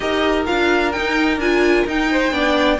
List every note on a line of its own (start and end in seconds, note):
0.00 0.46 D#4
0.00 0.45 G4
0.00 2.10 A#4
0.00 0.44 D#5
0.45 0.96 D4
0.45 0.91 F4
0.45 0.92 F5
0.92 1.40 D#4
0.92 1.36 D#4
0.92 1.38 G5
1.36 1.83 D4
1.36 1.87 F4
1.36 1.86 G#5
1.86 2.31 D#4
1.86 2.79 G5
2.11 2.33 C5
2.31 2.78 B3
2.31 2.78 D4
2.31 2.79 D5